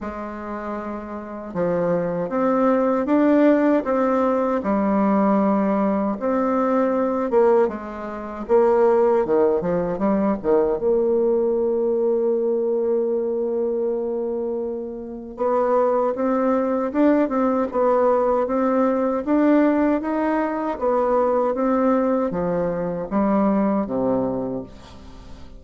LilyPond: \new Staff \with { instrumentName = "bassoon" } { \time 4/4 \tempo 4 = 78 gis2 f4 c'4 | d'4 c'4 g2 | c'4. ais8 gis4 ais4 | dis8 f8 g8 dis8 ais2~ |
ais1 | b4 c'4 d'8 c'8 b4 | c'4 d'4 dis'4 b4 | c'4 f4 g4 c4 | }